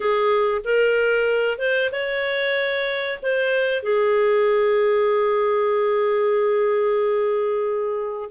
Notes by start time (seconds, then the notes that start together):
0.00 G#4
0.64 A#4
1.58 C5
1.91 C#5
3.22 C5
3.83 G#4